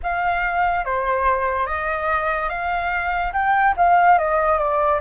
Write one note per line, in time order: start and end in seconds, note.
0.02 0.84 F5
0.84 1.66 C5
1.66 2.48 D#5
2.48 3.32 F5
3.33 3.74 G5
3.77 4.18 F5
4.18 4.58 D#5
4.58 5.00 D5